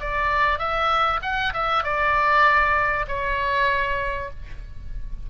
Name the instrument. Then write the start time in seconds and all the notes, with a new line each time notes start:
oboe
0.00 D5
0.58 E5
1.22 F#5
1.53 E5
1.83 D5
3.08 C#5